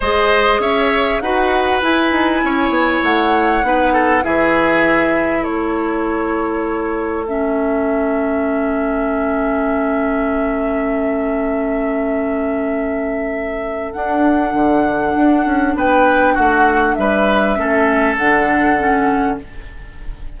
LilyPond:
<<
  \new Staff \with { instrumentName = "flute" } { \time 4/4 \tempo 4 = 99 dis''4 e''4 fis''4 gis''4~ | gis''4 fis''2 e''4~ | e''4 cis''2. | e''1~ |
e''1~ | e''2. fis''4~ | fis''2 g''4 fis''4 | e''2 fis''2 | }
  \new Staff \with { instrumentName = "oboe" } { \time 4/4 c''4 cis''4 b'2 | cis''2 b'8 a'8 gis'4~ | gis'4 a'2.~ | a'1~ |
a'1~ | a'1~ | a'2 b'4 fis'4 | b'4 a'2. | }
  \new Staff \with { instrumentName = "clarinet" } { \time 4/4 gis'2 fis'4 e'4~ | e'2 dis'4 e'4~ | e'1 | cis'1~ |
cis'1~ | cis'2. d'4~ | d'1~ | d'4 cis'4 d'4 cis'4 | }
  \new Staff \with { instrumentName = "bassoon" } { \time 4/4 gis4 cis'4 dis'4 e'8 dis'8 | cis'8 b8 a4 b4 e4~ | e4 a2.~ | a1~ |
a1~ | a2. d'4 | d4 d'8 cis'8 b4 a4 | g4 a4 d2 | }
>>